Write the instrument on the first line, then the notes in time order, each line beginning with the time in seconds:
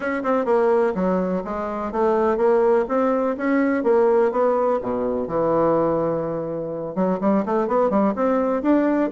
bassoon
0.00 C#4
0.23 C4
0.45 A#3
0.94 F#3
1.44 G#3
1.92 A3
2.37 A#3
2.88 C4
3.37 C#4
3.83 A#3
4.31 B3
4.81 B2
5.27 E3
6.95 F#3
7.20 G3
7.45 A3
7.67 B3
7.90 G3
8.15 C4
8.62 D4